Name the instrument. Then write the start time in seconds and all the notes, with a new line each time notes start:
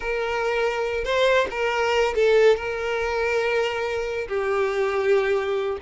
violin
0.00 A#4
1.04 C5
1.50 A#4
2.15 A4
2.56 A#4
4.27 G4